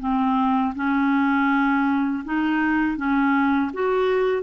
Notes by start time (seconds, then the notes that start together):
0.00 C4
0.76 C#4
2.25 D#4
2.97 C#4
3.74 F#4